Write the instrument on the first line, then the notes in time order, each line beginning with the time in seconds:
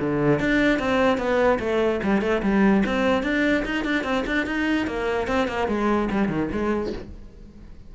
cello
0.00 D3
0.40 D4
0.79 C4
1.18 B3
1.60 A3
2.04 G3
2.22 A3
2.43 G3
2.86 C4
3.23 D4
3.65 D#4
3.85 D4
4.04 C4
4.27 D4
4.47 D#4
4.87 A#3
5.28 C4
5.48 A#3
5.68 G#3
6.11 G3
6.29 D#3
6.52 G#3